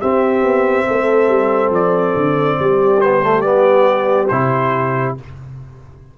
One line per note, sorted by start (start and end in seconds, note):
0.00 3.01 C4
0.00 0.42 C4
0.00 0.86 G4
0.00 1.72 E5
0.42 0.85 B3
0.87 1.28 A3
0.87 2.58 A4
1.28 1.70 G3
1.70 2.12 F3
1.70 3.01 D5
2.16 2.58 D3
2.59 4.31 G3
2.59 5.18 G4
3.01 3.22 B3
3.01 3.41 C5
3.22 3.43 A3
3.41 4.29 B3
3.41 4.27 D5
4.28 5.17 C3
4.28 5.17 E4
4.28 5.14 C5